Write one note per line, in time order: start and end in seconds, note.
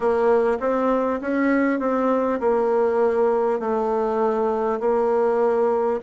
0.00 0.58 A#3
0.60 1.20 C4
1.21 1.79 C#4
1.79 2.39 C4
2.39 3.59 A#3
3.59 4.79 A3
4.80 6.00 A#3